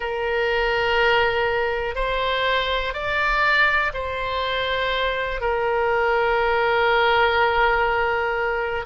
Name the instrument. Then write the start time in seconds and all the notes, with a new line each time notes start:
oboe
0.00 A#4
1.95 C5
2.93 D5
3.93 C5
5.41 A#4